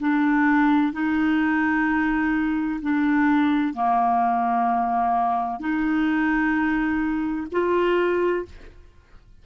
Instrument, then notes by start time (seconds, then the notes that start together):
clarinet
0.00 D4
0.93 D#4
2.82 D4
3.74 A#3
5.60 D#4
7.52 F4